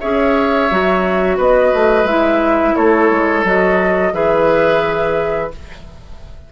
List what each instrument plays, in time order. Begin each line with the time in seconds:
0.00 bassoon C#4, clarinet G#4, oboe C#5, flute E5
0.71 bassoon F#3, clarinet F#4
1.37 bassoon B3, oboe B4, flute D#5
1.74 bassoon A3
2.04 bassoon G#3, clarinet E4, flute E5
2.76 bassoon A3, oboe A4, flute C#5
3.11 bassoon G#3
3.44 bassoon F#3, clarinet F#4, flute D#5
4.13 bassoon E3, clarinet G#4, oboe B4, flute E5